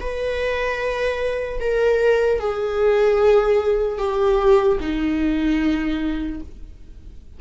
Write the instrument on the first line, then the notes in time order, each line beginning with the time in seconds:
viola
0.00 B4
1.60 A#4
2.39 G#4
3.98 G4
4.80 D#4